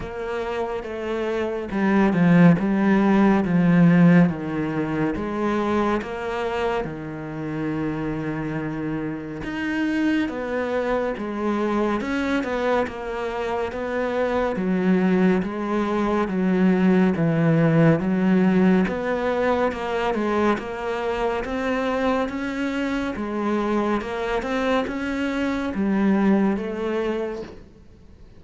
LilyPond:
\new Staff \with { instrumentName = "cello" } { \time 4/4 \tempo 4 = 70 ais4 a4 g8 f8 g4 | f4 dis4 gis4 ais4 | dis2. dis'4 | b4 gis4 cis'8 b8 ais4 |
b4 fis4 gis4 fis4 | e4 fis4 b4 ais8 gis8 | ais4 c'4 cis'4 gis4 | ais8 c'8 cis'4 g4 a4 | }